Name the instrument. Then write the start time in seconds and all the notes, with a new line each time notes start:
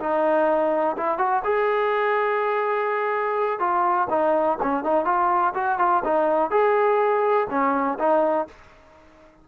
trombone
0.00 D#4
0.97 E4
1.19 F#4
1.45 G#4
3.60 F4
4.10 D#4
4.63 C#4
4.84 D#4
5.05 F4
5.55 F#4
5.79 F4
6.05 D#4
6.51 G#4
7.50 C#4
7.99 D#4